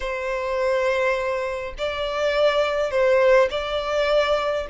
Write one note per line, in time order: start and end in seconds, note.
0.00 1.74 C5
1.78 2.90 D5
2.90 3.48 C5
3.50 4.66 D5